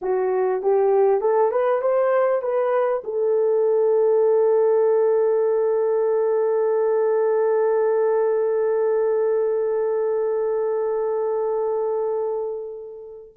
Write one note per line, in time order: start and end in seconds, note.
0.01 0.62 F#4
0.62 1.20 G4
1.20 1.51 A4
1.51 1.81 B4
1.81 2.42 C5
2.42 3.02 B4
3.04 13.34 A4